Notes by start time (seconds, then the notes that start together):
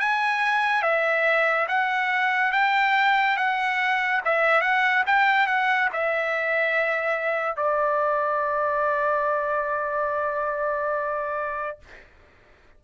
0.00 G#5
0.83 E5
1.69 F#5
2.53 G5
3.37 F#5
4.25 E5
4.62 F#5
5.07 G5
5.47 F#5
5.93 E5
7.57 D5